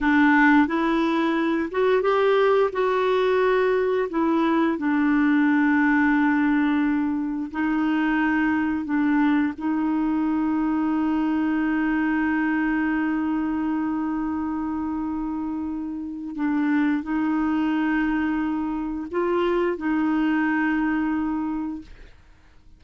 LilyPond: \new Staff \with { instrumentName = "clarinet" } { \time 4/4 \tempo 4 = 88 d'4 e'4. fis'8 g'4 | fis'2 e'4 d'4~ | d'2. dis'4~ | dis'4 d'4 dis'2~ |
dis'1~ | dis'1 | d'4 dis'2. | f'4 dis'2. | }